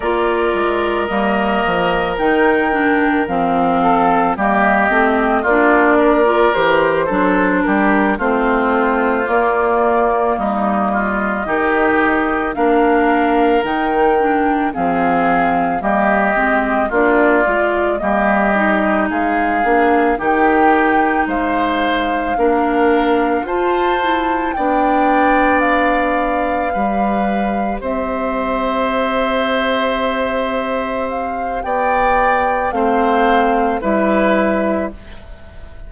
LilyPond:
<<
  \new Staff \with { instrumentName = "flute" } { \time 4/4 \tempo 4 = 55 d''4 dis''4 g''4 f''4 | dis''4 d''4 c''4 ais'8 c''8~ | c''8 d''4 dis''2 f''8~ | f''8 g''4 f''4 dis''4 d''8~ |
d''8 dis''4 f''4 g''4 f''8~ | f''4. a''4 g''4 f''8~ | f''4. e''2~ e''8~ | e''8 f''8 g''4 f''4 e''4 | }
  \new Staff \with { instrumentName = "oboe" } { \time 4/4 ais'2.~ ais'8 a'8 | g'4 f'8 ais'4 a'8 g'8 f'8~ | f'4. dis'8 f'8 g'4 ais'8~ | ais'4. gis'4 g'4 f'8~ |
f'8 g'4 gis'4 g'4 c''8~ | c''8 ais'4 c''4 d''4.~ | d''8 b'4 c''2~ c''8~ | c''4 d''4 c''4 b'4 | }
  \new Staff \with { instrumentName = "clarinet" } { \time 4/4 f'4 ais4 dis'8 d'8 c'4 | ais8 c'8 d'8. f'16 g'8 d'4 c'8~ | c'8 ais2 dis'4 d'8~ | d'8 dis'8 d'8 c'4 ais8 c'8 d'8 |
f'8 ais8 dis'4 d'8 dis'4.~ | dis'8 d'4 f'8 e'8 d'4.~ | d'8 g'2.~ g'8~ | g'2 c'4 e'4 | }
  \new Staff \with { instrumentName = "bassoon" } { \time 4/4 ais8 gis8 g8 f8 dis4 f4 | g8 a8 ais4 e8 fis8 g8 a8~ | a8 ais4 g4 dis4 ais8~ | ais8 dis4 f4 g8 gis8 ais8 |
gis8 g4 gis8 ais8 dis4 gis8~ | gis8 ais4 f'4 b4.~ | b8 g4 c'2~ c'8~ | c'4 b4 a4 g4 | }
>>